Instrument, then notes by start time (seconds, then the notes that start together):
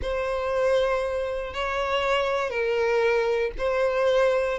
violin
0.01 C5
1.53 C#5
2.50 A#4
3.58 C5